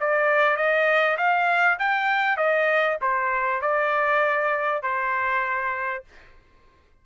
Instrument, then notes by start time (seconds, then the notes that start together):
trumpet
0.00 D5
0.56 D#5
1.18 F5
1.79 G5
2.37 D#5
3.01 C5
3.61 D5
4.83 C5